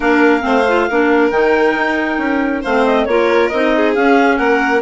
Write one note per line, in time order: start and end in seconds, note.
0.00 0.43 A#3
0.00 0.41 D4
0.00 0.43 A#4
0.00 1.30 F5
0.41 0.88 A3
0.41 0.62 C4
0.41 0.88 C5
0.68 0.90 F4
0.88 1.30 A#3
0.88 1.31 D4
0.88 2.61 A#4
1.30 1.74 D#3
1.30 2.63 D#4
1.30 2.61 G5
1.75 2.18 D#4
2.18 2.62 C#4
2.61 3.06 A3
2.61 3.08 C4
2.61 3.04 C5
2.61 2.85 F5
2.85 3.05 D#5
3.05 3.50 A#3
3.05 3.52 F4
3.05 3.75 A#4
3.05 3.49 C#5
3.49 3.96 C4
3.49 3.96 D#4
3.49 3.92 D#5
3.75 4.38 G#4
3.94 4.39 C#4
3.94 4.81 C#4
3.94 4.37 F5
4.37 4.81 A#3
4.37 4.81 A#4
4.37 4.81 F#5